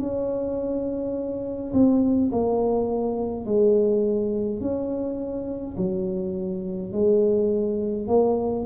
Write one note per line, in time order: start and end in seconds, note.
0.00 1.73 C#4
1.74 2.31 C4
2.32 3.46 A#3
3.46 4.61 G#3
4.61 5.76 C#4
5.77 6.93 F#3
6.93 8.08 G#3
8.08 8.65 A#3